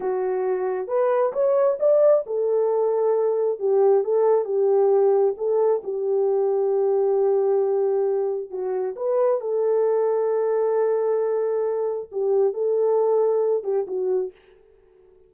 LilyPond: \new Staff \with { instrumentName = "horn" } { \time 4/4 \tempo 4 = 134 fis'2 b'4 cis''4 | d''4 a'2. | g'4 a'4 g'2 | a'4 g'2.~ |
g'2. fis'4 | b'4 a'2.~ | a'2. g'4 | a'2~ a'8 g'8 fis'4 | }